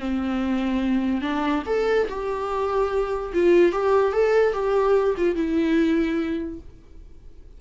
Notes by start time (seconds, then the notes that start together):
0.00 C4
1.22 D4
1.67 A4
2.09 G4
3.34 F4
3.73 G4
4.13 A4
4.53 G4
5.18 F4
5.36 E4